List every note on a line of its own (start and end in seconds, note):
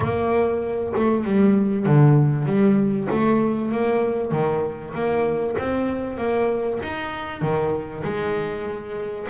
0.00 0.93 A#3
0.96 1.24 A3
1.24 1.86 G3
1.86 2.45 D3
2.45 3.07 G3
3.10 3.71 A3
3.71 4.31 A#3
4.31 4.93 D#3
4.94 5.56 A#3
5.58 6.17 C4
6.17 6.79 A#3
6.82 7.41 D#4
7.41 8.03 D#3
8.04 9.27 G#3